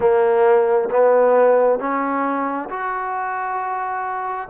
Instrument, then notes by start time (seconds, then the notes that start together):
trombone
0.00 A#3
0.90 B3
1.79 C#4
2.69 F#4